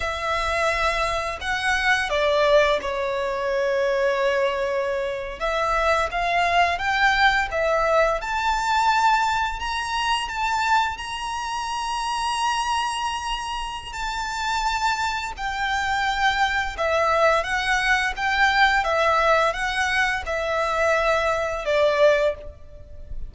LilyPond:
\new Staff \with { instrumentName = "violin" } { \time 4/4 \tempo 4 = 86 e''2 fis''4 d''4 | cis''2.~ cis''8. e''16~ | e''8. f''4 g''4 e''4 a''16~ | a''4.~ a''16 ais''4 a''4 ais''16~ |
ais''1 | a''2 g''2 | e''4 fis''4 g''4 e''4 | fis''4 e''2 d''4 | }